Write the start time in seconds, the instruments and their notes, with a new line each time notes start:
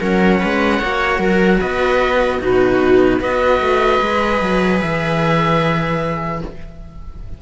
0.00 cello F#3 C#4, viola A#4, oboe F#5
0.40 cello G#3, viola B4
0.79 cello A#3 F#4, viola C#5
1.19 cello F#3, viola A#4
1.60 cello B3, viola B4, oboe D#5
2.40 cello B2 D#4, viola F#4, oboe B4
3.20 cello B3 F#4, viola B4, oboe D#5
3.60 cello A3
3.99 cello G#3 G#4
4.41 cello F#3
4.81 cello E3, oboe E5